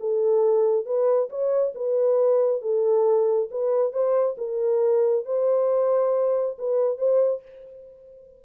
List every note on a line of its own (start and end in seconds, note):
0.00 0.85 A4
0.85 1.29 B4
1.29 1.73 C#5
1.74 2.61 B4
2.61 3.49 A4
3.51 3.92 B4
3.92 4.36 C5
4.38 5.25 A#4
5.25 6.57 C5
6.58 6.98 B4
6.98 7.42 C5